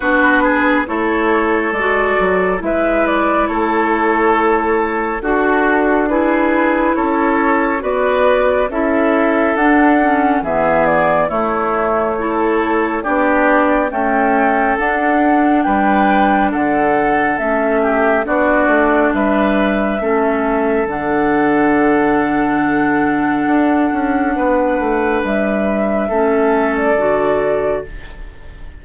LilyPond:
<<
  \new Staff \with { instrumentName = "flute" } { \time 4/4 \tempo 4 = 69 b'4 cis''4 d''4 e''8 d''8 | cis''2 a'4 b'4 | cis''4 d''4 e''4 fis''4 | e''8 d''8 cis''2 d''4 |
g''4 fis''4 g''4 fis''4 | e''4 d''4 e''2 | fis''1~ | fis''4 e''4.~ e''16 d''4~ d''16 | }
  \new Staff \with { instrumentName = "oboe" } { \time 4/4 fis'8 gis'8 a'2 b'4 | a'2 fis'4 gis'4 | a'4 b'4 a'2 | gis'4 e'4 a'4 g'4 |
a'2 b'4 a'4~ | a'8 g'8 fis'4 b'4 a'4~ | a'1 | b'2 a'2 | }
  \new Staff \with { instrumentName = "clarinet" } { \time 4/4 d'4 e'4 fis'4 e'4~ | e'2 fis'4 e'4~ | e'4 fis'4 e'4 d'8 cis'8 | b4 a4 e'4 d'4 |
a4 d'2. | cis'4 d'2 cis'4 | d'1~ | d'2 cis'4 fis'4 | }
  \new Staff \with { instrumentName = "bassoon" } { \time 4/4 b4 a4 gis8 fis8 gis4 | a2 d'2 | cis'4 b4 cis'4 d'4 | e4 a2 b4 |
cis'4 d'4 g4 d4 | a4 b8 a8 g4 a4 | d2. d'8 cis'8 | b8 a8 g4 a4 d4 | }
>>